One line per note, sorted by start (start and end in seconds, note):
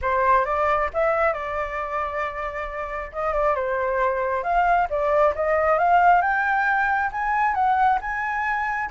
0.01 0.45 C5
0.45 0.89 D5
0.93 1.33 E5
1.33 3.11 D5
3.12 3.33 D#5
3.33 3.55 D5
3.55 4.43 C5
4.43 4.87 F5
4.89 5.34 D5
5.35 5.78 D#5
5.78 6.21 F5
6.21 7.10 G5
7.12 7.54 G#5
7.54 7.98 F#5
8.01 8.90 G#5